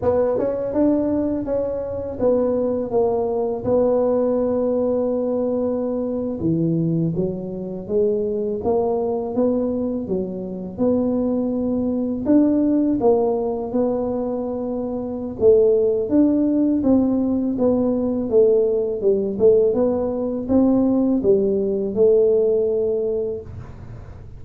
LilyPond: \new Staff \with { instrumentName = "tuba" } { \time 4/4 \tempo 4 = 82 b8 cis'8 d'4 cis'4 b4 | ais4 b2.~ | b8. e4 fis4 gis4 ais16~ | ais8. b4 fis4 b4~ b16~ |
b8. d'4 ais4 b4~ b16~ | b4 a4 d'4 c'4 | b4 a4 g8 a8 b4 | c'4 g4 a2 | }